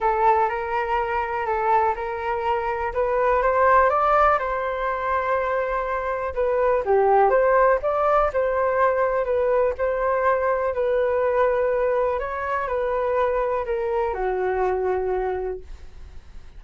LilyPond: \new Staff \with { instrumentName = "flute" } { \time 4/4 \tempo 4 = 123 a'4 ais'2 a'4 | ais'2 b'4 c''4 | d''4 c''2.~ | c''4 b'4 g'4 c''4 |
d''4 c''2 b'4 | c''2 b'2~ | b'4 cis''4 b'2 | ais'4 fis'2. | }